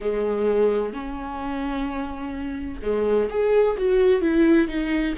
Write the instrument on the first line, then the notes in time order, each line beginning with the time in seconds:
viola
0.00 G#3
0.93 C#4
2.81 G#3
3.30 G#4
3.78 F#4
4.21 E4
4.67 D#4